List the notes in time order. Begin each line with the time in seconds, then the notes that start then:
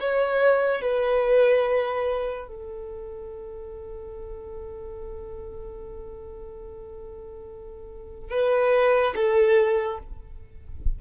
0.00 C#5
0.81 B4
2.47 A4
8.30 B4
9.15 A4